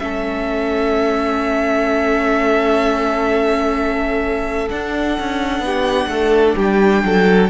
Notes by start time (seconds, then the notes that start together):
0.00 A3 C#4 A4 E5
4.70 D4 F#5
5.20 C#4
5.60 B3 G4
6.08 A3 A4
6.57 G3 G4 G5
7.04 F#3 A4